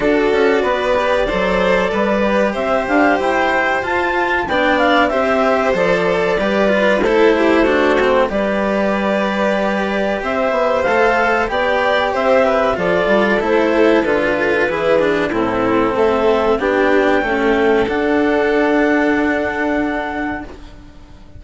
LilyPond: <<
  \new Staff \with { instrumentName = "clarinet" } { \time 4/4 \tempo 4 = 94 d''1 | e''8 f''8 g''4 a''4 g''8 f''8 | e''4 d''2 c''4~ | c''4 d''2. |
e''4 f''4 g''4 e''4 | d''4 c''4 b'2 | a'4 e''4 g''2 | fis''1 | }
  \new Staff \with { instrumentName = "violin" } { \time 4/4 a'4 b'4 c''4 b'4 | c''2. d''4 | c''2 b'4 a'8 g'8 | fis'4 b'2. |
c''2 d''4 c''8 b'8 | a'2. gis'4 | e'4 a'4 g'4 a'4~ | a'1 | }
  \new Staff \with { instrumentName = "cello" } { \time 4/4 fis'4. g'8 a'4. g'8~ | g'2 f'4 d'4 | g'4 a'4 g'8 f'8 e'4 | d'8 c'8 g'2.~ |
g'4 a'4 g'2 | f'4 e'4 f'4 e'8 d'8 | c'2 d'4 a4 | d'1 | }
  \new Staff \with { instrumentName = "bassoon" } { \time 4/4 d'8 cis'8 b4 fis4 g4 | c'8 d'8 e'4 f'4 b4 | c'4 f4 g4 a4~ | a4 g2. |
c'8 b8 a4 b4 c'4 | f8 g8 a4 d4 e4 | a,4 a4 b4 cis'4 | d'1 | }
>>